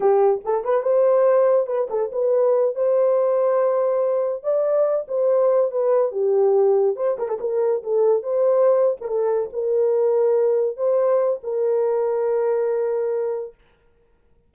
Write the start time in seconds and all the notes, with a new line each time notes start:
0.00 G4
0.44 A4
0.64 B4
0.82 C5
1.66 B4
1.90 A4
2.11 B4
2.75 C5
4.43 D5
5.07 C5
5.71 B4
6.11 G4
6.95 C5
7.18 A#4
7.28 A4
7.40 A#4
7.83 A4
8.22 C5
9.00 A#4
9.07 A4
9.52 A#4
10.76 C5
11.43 A#4